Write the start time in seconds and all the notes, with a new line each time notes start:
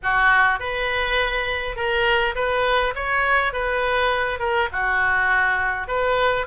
0.02 F#4
0.59 B4
1.76 A#4
2.35 B4
2.95 C#5
3.52 B4
4.39 A#4
4.72 F#4
5.87 B4